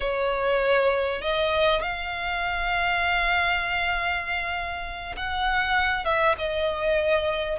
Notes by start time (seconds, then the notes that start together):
0.00 C#5
1.21 D#5
1.82 F5
5.16 F#5
6.04 E5
6.38 D#5